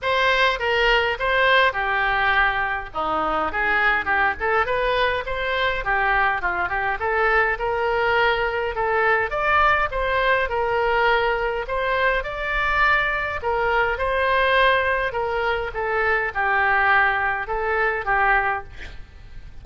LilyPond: \new Staff \with { instrumentName = "oboe" } { \time 4/4 \tempo 4 = 103 c''4 ais'4 c''4 g'4~ | g'4 dis'4 gis'4 g'8 a'8 | b'4 c''4 g'4 f'8 g'8 | a'4 ais'2 a'4 |
d''4 c''4 ais'2 | c''4 d''2 ais'4 | c''2 ais'4 a'4 | g'2 a'4 g'4 | }